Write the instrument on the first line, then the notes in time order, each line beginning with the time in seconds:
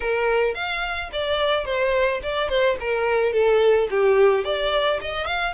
violin
0.00 A#4
0.54 F5
1.12 D5
1.65 C5
2.22 D5
2.48 C5
2.80 A#4
3.32 A4
3.90 G4
4.44 D5
5.01 D#5
5.26 F5